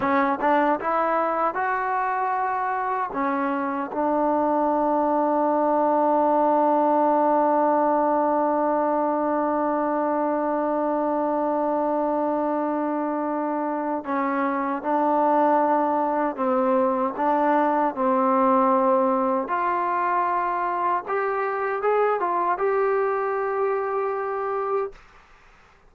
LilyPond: \new Staff \with { instrumentName = "trombone" } { \time 4/4 \tempo 4 = 77 cis'8 d'8 e'4 fis'2 | cis'4 d'2.~ | d'1~ | d'1~ |
d'2 cis'4 d'4~ | d'4 c'4 d'4 c'4~ | c'4 f'2 g'4 | gis'8 f'8 g'2. | }